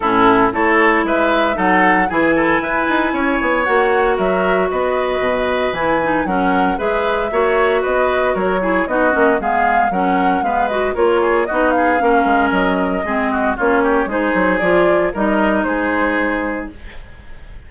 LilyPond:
<<
  \new Staff \with { instrumentName = "flute" } { \time 4/4 \tempo 4 = 115 a'4 cis''4 e''4 fis''4 | gis''2. fis''4 | e''4 dis''2 gis''4 | fis''4 e''2 dis''4 |
cis''4 dis''4 f''4 fis''4 | f''8 dis''8 cis''4 dis''8 f''4. | dis''2 cis''4 c''4 | d''4 dis''4 c''2 | }
  \new Staff \with { instrumentName = "oboe" } { \time 4/4 e'4 a'4 b'4 a'4 | gis'8 a'8 b'4 cis''2 | ais'4 b'2. | ais'4 b'4 cis''4 b'4 |
ais'8 gis'8 fis'4 gis'4 ais'4 | b'4 ais'8 gis'8 fis'8 gis'8 ais'4~ | ais'4 gis'8 fis'8 f'8 g'8 gis'4~ | gis'4 ais'4 gis'2 | }
  \new Staff \with { instrumentName = "clarinet" } { \time 4/4 cis'4 e'2 dis'4 | e'2. fis'4~ | fis'2. e'8 dis'8 | cis'4 gis'4 fis'2~ |
fis'8 e'8 dis'8 cis'8 b4 cis'4 | b8 fis'8 f'4 dis'4 cis'4~ | cis'4 c'4 cis'4 dis'4 | f'4 dis'2. | }
  \new Staff \with { instrumentName = "bassoon" } { \time 4/4 a,4 a4 gis4 fis4 | e4 e'8 dis'8 cis'8 b8 ais4 | fis4 b4 b,4 e4 | fis4 gis4 ais4 b4 |
fis4 b8 ais8 gis4 fis4 | gis4 ais4 b4 ais8 gis8 | fis4 gis4 ais4 gis8 fis8 | f4 g4 gis2 | }
>>